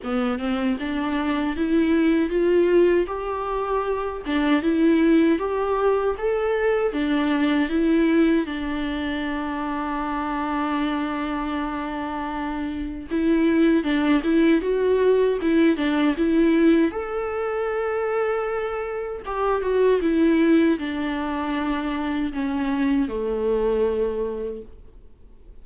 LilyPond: \new Staff \with { instrumentName = "viola" } { \time 4/4 \tempo 4 = 78 b8 c'8 d'4 e'4 f'4 | g'4. d'8 e'4 g'4 | a'4 d'4 e'4 d'4~ | d'1~ |
d'4 e'4 d'8 e'8 fis'4 | e'8 d'8 e'4 a'2~ | a'4 g'8 fis'8 e'4 d'4~ | d'4 cis'4 a2 | }